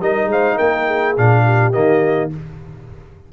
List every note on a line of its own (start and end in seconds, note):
0.00 0.25 G3
0.00 1.17 D#4
0.00 0.30 A#4
0.00 0.31 D#5
0.25 0.54 G#3
0.31 0.56 C5
0.31 0.57 F5
0.56 1.17 A#3
0.56 0.85 A#4
0.56 1.15 G5
0.86 1.44 G#4
1.17 1.75 A#2
1.17 1.72 D4
1.17 1.72 F5
1.44 2.31 G4
1.72 2.33 D#3
1.72 2.30 A#3
1.72 2.30 D#5